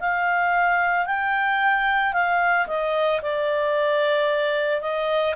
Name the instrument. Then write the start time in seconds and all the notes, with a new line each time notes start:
clarinet
0.00 F5
1.06 G5
2.13 F5
2.67 D#5
3.22 D5
4.81 D#5